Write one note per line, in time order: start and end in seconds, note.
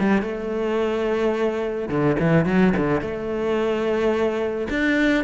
0.00 0.22 G3
0.22 1.89 A3
1.89 2.16 D3
2.19 2.46 E3
2.46 2.73 F#3
2.77 3.01 D3
3.01 4.68 A3
4.70 5.24 D4